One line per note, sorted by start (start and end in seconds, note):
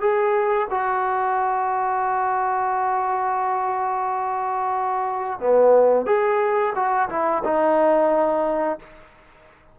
0.00 0.67 G#4
0.70 5.39 F#4
5.39 6.06 B3
6.06 6.73 G#4
6.75 7.09 F#4
7.09 7.43 E4
7.44 8.79 D#4